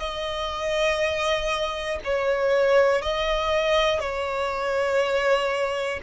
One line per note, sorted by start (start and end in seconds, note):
0.00 2.00 D#5
2.05 3.02 C#5
3.02 4.00 D#5
4.00 6.00 C#5